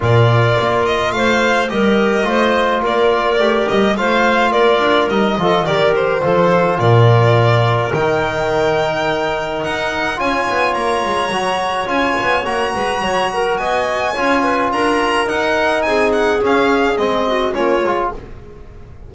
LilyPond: <<
  \new Staff \with { instrumentName = "violin" } { \time 4/4 \tempo 4 = 106 d''4. dis''8 f''4 dis''4~ | dis''4 d''4. dis''8 f''4 | d''4 dis''4 d''8 c''4. | d''2 g''2~ |
g''4 fis''4 gis''4 ais''4~ | ais''4 gis''4 ais''2 | gis''2 ais''4 fis''4 | gis''8 fis''8 f''4 dis''4 cis''4 | }
  \new Staff \with { instrumentName = "clarinet" } { \time 4/4 ais'2 c''4 ais'4 | c''4 ais'2 c''4 | ais'4. a'8 ais'4 a'4 | ais'1~ |
ais'2 cis''2~ | cis''2~ cis''8 b'8 cis''8 ais'8 | dis''4 cis''8 b'8 ais'2 | gis'2~ gis'8 fis'8 f'4 | }
  \new Staff \with { instrumentName = "trombone" } { \time 4/4 f'2. g'4 | f'2 g'4 f'4~ | f'4 dis'8 f'8 g'4 f'4~ | f'2 dis'2~ |
dis'2 f'2 | fis'4 f'4 fis'2~ | fis'4 f'2 dis'4~ | dis'4 cis'4 c'4 cis'8 f'8 | }
  \new Staff \with { instrumentName = "double bass" } { \time 4/4 ais,4 ais4 a4 g4 | a4 ais4 a8 g8 a4 | ais8 d'8 g8 f8 dis4 f4 | ais,2 dis2~ |
dis4 dis'4 cis'8 b8 ais8 gis8 | fis4 cis'8 b8 ais8 gis8 fis4 | b4 cis'4 d'4 dis'4 | c'4 cis'4 gis4 ais8 gis8 | }
>>